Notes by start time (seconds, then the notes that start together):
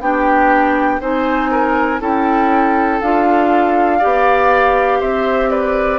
0.00 B3 D4 G4 G5
1.00 C4 D#4 C5 G#5
1.51 A#4
2.00 C#4 E4 A4 G5
3.01 D4 F4 F5
3.98 B3 G4 D5
5.00 C4 C5 E5
5.50 B4 D5